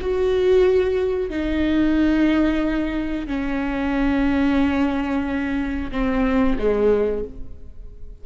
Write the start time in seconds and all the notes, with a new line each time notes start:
0.00 F#4
1.29 D#4
3.27 C#4
5.91 C4
6.58 G#3